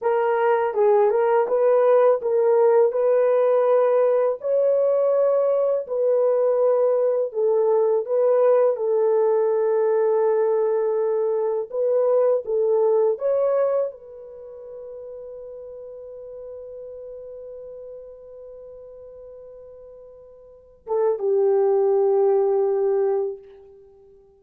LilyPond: \new Staff \with { instrumentName = "horn" } { \time 4/4 \tempo 4 = 82 ais'4 gis'8 ais'8 b'4 ais'4 | b'2 cis''2 | b'2 a'4 b'4 | a'1 |
b'4 a'4 cis''4 b'4~ | b'1~ | b'1~ | b'8 a'8 g'2. | }